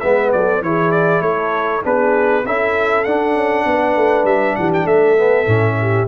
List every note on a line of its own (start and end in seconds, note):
0.00 0.33 G#3
0.00 0.63 B3
0.00 0.33 B4
0.00 0.30 E5
0.32 0.61 F#3
0.32 0.65 A4
0.32 0.62 D5
0.61 1.21 E3
0.61 1.83 E4
0.61 1.24 G#4
0.61 0.91 C#5
0.91 1.22 D5
1.21 1.82 A3
1.21 1.84 A4
1.21 1.82 C#5
1.83 2.44 B3
1.83 2.43 D4
1.83 2.45 G#4
1.83 2.46 B4
2.44 3.05 C#4
2.44 3.06 E4
2.44 3.66 A4
2.44 3.04 E5
3.04 3.35 D4
3.04 5.17 D4
3.04 4.25 F#5
3.35 3.65 C#4
3.66 3.96 B3
3.66 4.58 B4
3.96 4.24 A3
4.24 4.54 G3
4.24 4.56 E5
4.56 4.85 E3
4.56 4.84 G4
4.56 4.71 F#5
4.74 4.87 G5
4.84 5.46 A3
4.84 5.75 A4
4.84 6.08 E5
5.17 5.46 B3
5.46 6.07 A2
5.46 6.07 C#4
5.80 6.08 G4